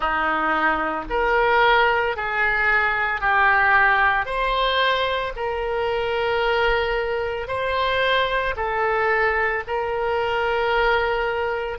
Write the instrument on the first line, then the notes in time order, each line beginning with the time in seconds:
oboe
0.00 D#4
1.10 A#4
2.16 G#4
3.20 G4
4.25 C5
5.36 A#4
7.47 C5
8.56 A4
9.67 A#4